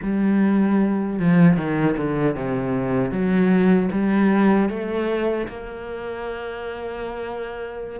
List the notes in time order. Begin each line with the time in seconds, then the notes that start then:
0.02 G3
1.19 F3
1.56 D#3
1.97 D3
2.36 C3
3.11 F#3
3.91 G3
4.69 A3
5.47 A#3